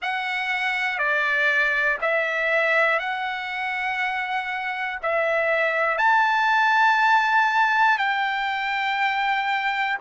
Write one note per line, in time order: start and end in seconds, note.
0.01 0.98 F#5
0.98 1.98 D5
2.01 2.99 E5
2.99 4.99 F#5
5.02 5.98 E5
5.98 7.98 A5
7.98 9.98 G5